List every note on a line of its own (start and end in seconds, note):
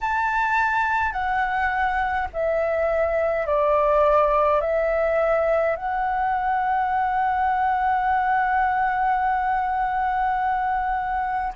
0.00 1.12 A5
1.12 2.28 F#5
2.33 3.46 E5
3.46 4.60 D5
4.60 5.76 E5
5.76 11.53 F#5